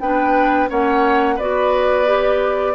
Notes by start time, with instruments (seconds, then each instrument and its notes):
0.00 bassoon B3, clarinet D4, oboe B4, flute G5
0.68 bassoon A#3, clarinet C#4, oboe C#5, flute F#5
1.36 bassoon B3, clarinet F#4, oboe B4, flute D5
2.05 clarinet G4